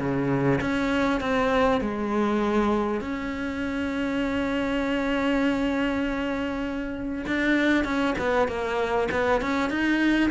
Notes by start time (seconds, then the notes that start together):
0.00 C#3
0.61 C#4
1.21 C4
1.82 G#3
3.01 C#4
7.27 D4
7.85 C#4
8.19 B3
8.48 A#3
9.12 B3
9.42 C#4
9.70 D#4